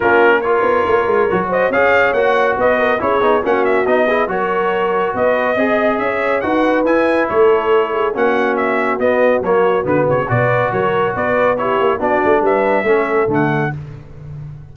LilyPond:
<<
  \new Staff \with { instrumentName = "trumpet" } { \time 4/4 \tempo 4 = 140 ais'4 cis''2~ cis''8 dis''8 | f''4 fis''4 dis''4 cis''4 | fis''8 e''8 dis''4 cis''2 | dis''2 e''4 fis''4 |
gis''4 cis''2 fis''4 | e''4 dis''4 cis''4 b'8 cis''8 | d''4 cis''4 d''4 cis''4 | d''4 e''2 fis''4 | }
  \new Staff \with { instrumentName = "horn" } { \time 4/4 f'4 ais'2~ ais'8 c''8 | cis''2 b'8 ais'8 gis'4 | fis'4. gis'8 ais'2 | b'4 dis''4 cis''4 b'4~ |
b'4 a'4. gis'8 fis'4~ | fis'1 | b'4 ais'4 b'4 g'4 | fis'4 b'4 a'2 | }
  \new Staff \with { instrumentName = "trombone" } { \time 4/4 cis'4 f'2 fis'4 | gis'4 fis'2 e'8 dis'8 | cis'4 dis'8 e'8 fis'2~ | fis'4 gis'2 fis'4 |
e'2. cis'4~ | cis'4 b4 ais4 b4 | fis'2. e'4 | d'2 cis'4 a4 | }
  \new Staff \with { instrumentName = "tuba" } { \time 4/4 ais4. b8 ais8 gis8 fis4 | cis'4 ais4 b4 cis'8 b8 | ais4 b4 fis2 | b4 c'4 cis'4 dis'4 |
e'4 a2 ais4~ | ais4 b4 fis4 d8 cis8 | b,4 fis4 b4. ais8 | b8 a8 g4 a4 d4 | }
>>